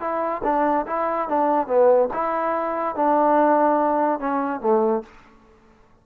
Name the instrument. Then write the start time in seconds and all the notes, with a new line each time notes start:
trombone
0.00 E4
0.44 D4
0.87 E4
1.29 D4
1.67 B3
2.14 E4
2.95 D4
4.19 C#4
4.61 A3